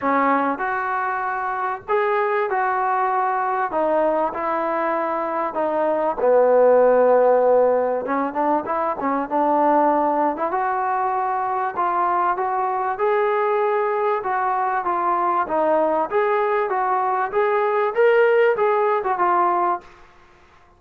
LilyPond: \new Staff \with { instrumentName = "trombone" } { \time 4/4 \tempo 4 = 97 cis'4 fis'2 gis'4 | fis'2 dis'4 e'4~ | e'4 dis'4 b2~ | b4 cis'8 d'8 e'8 cis'8 d'4~ |
d'8. e'16 fis'2 f'4 | fis'4 gis'2 fis'4 | f'4 dis'4 gis'4 fis'4 | gis'4 ais'4 gis'8. fis'16 f'4 | }